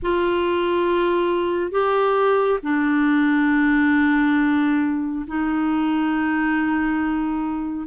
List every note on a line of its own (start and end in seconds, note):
0.02 1.71 F4
1.71 2.59 G4
2.62 5.25 D4
5.27 7.87 D#4